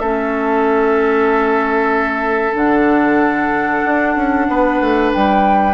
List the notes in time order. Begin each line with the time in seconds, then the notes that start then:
0.00 A3 C#4 A4 E5
2.55 D3 D4 F#5
3.85 D4
4.16 C#4
4.49 B3 B4
4.81 A3
5.13 G3 G5